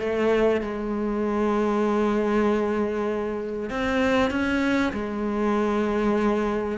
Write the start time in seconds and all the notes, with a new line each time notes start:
0.00 A3
0.62 G#3
3.70 C4
4.31 C#4
4.93 G#3